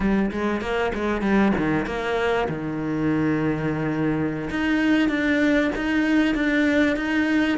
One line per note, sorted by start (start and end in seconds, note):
0.00 0.31 G3
0.31 0.61 G#3
0.61 0.92 A#3
0.94 1.21 G#3
1.21 1.52 G3
1.57 1.86 D#3
1.86 2.47 A#3
2.48 4.49 D#3
4.50 5.08 D#4
5.08 5.70 D4
5.75 6.35 D#4
6.35 6.96 D4
6.96 7.58 D#4